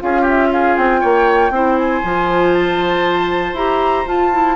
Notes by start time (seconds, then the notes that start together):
0.00 C#4 F4 G#4 F5
0.22 G4
0.29 E5
0.51 G#4 F5
0.77 C4 G5
1.01 A#3 C#5
1.51 C4 E4 C5
1.78 G#5
2.04 F3 F4
2.54 A5
3.53 E4 G4 A#5
4.06 F4 A5
4.32 E4